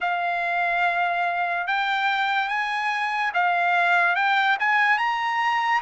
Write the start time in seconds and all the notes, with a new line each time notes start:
0.00 F5
1.67 G5
2.48 G#5
3.34 F5
4.15 G5
4.59 G#5
4.98 A#5